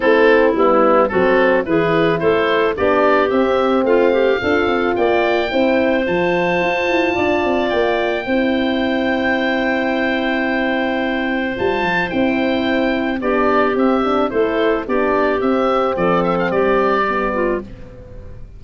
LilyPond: <<
  \new Staff \with { instrumentName = "oboe" } { \time 4/4 \tempo 4 = 109 a'4 e'4 a'4 b'4 | c''4 d''4 e''4 f''4~ | f''4 g''2 a''4~ | a''2 g''2~ |
g''1~ | g''4 a''4 g''2 | d''4 e''4 c''4 d''4 | e''4 d''8 e''16 f''16 d''2 | }
  \new Staff \with { instrumentName = "clarinet" } { \time 4/4 e'2 fis'4 gis'4 | a'4 g'2 f'8 g'8 | a'4 d''4 c''2~ | c''4 d''2 c''4~ |
c''1~ | c''1 | g'2 a'4 g'4~ | g'4 a'4 g'4. f'8 | }
  \new Staff \with { instrumentName = "horn" } { \time 4/4 c'4 b4 c'4 e'4~ | e'4 d'4 c'2 | f'2 e'4 f'4~ | f'2. e'4~ |
e'1~ | e'4 f'4 e'2 | d'4 c'8 d'8 e'4 d'4 | c'2. b4 | }
  \new Staff \with { instrumentName = "tuba" } { \time 4/4 a4 g4 fis4 e4 | a4 b4 c'4 a4 | d'8 c'8 ais4 c'4 f4 | f'8 e'8 d'8 c'8 ais4 c'4~ |
c'1~ | c'4 g8 f8 c'2 | b4 c'4 a4 b4 | c'4 f4 g2 | }
>>